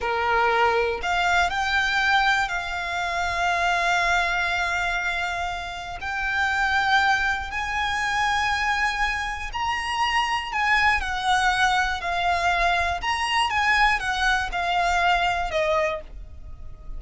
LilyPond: \new Staff \with { instrumentName = "violin" } { \time 4/4 \tempo 4 = 120 ais'2 f''4 g''4~ | g''4 f''2.~ | f''1 | g''2. gis''4~ |
gis''2. ais''4~ | ais''4 gis''4 fis''2 | f''2 ais''4 gis''4 | fis''4 f''2 dis''4 | }